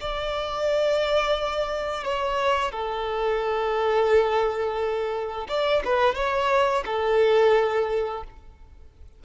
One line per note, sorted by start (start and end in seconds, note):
0.00 2.04 D5
2.04 2.71 C#5
2.71 5.47 A4
5.48 5.82 D5
5.84 6.14 B4
6.14 6.83 C#5
6.85 8.23 A4